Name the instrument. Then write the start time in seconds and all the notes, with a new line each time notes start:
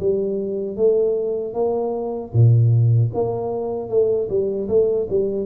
tuba
0.00 G3
0.77 A3
1.54 A#3
2.34 A#2
3.15 A#3
3.90 A3
4.30 G3
4.69 A3
5.10 G3